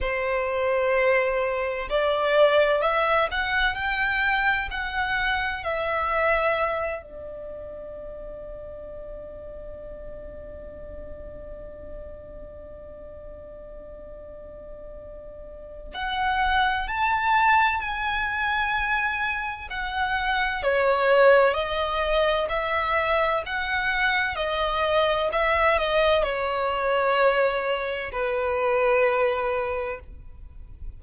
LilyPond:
\new Staff \with { instrumentName = "violin" } { \time 4/4 \tempo 4 = 64 c''2 d''4 e''8 fis''8 | g''4 fis''4 e''4. d''8~ | d''1~ | d''1~ |
d''4 fis''4 a''4 gis''4~ | gis''4 fis''4 cis''4 dis''4 | e''4 fis''4 dis''4 e''8 dis''8 | cis''2 b'2 | }